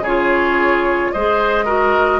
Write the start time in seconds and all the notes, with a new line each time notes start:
0.00 C#3 G#4 C#5
0.07 F4
1.12 G#3 G#4 C5 D#5
1.65 F#4 A#4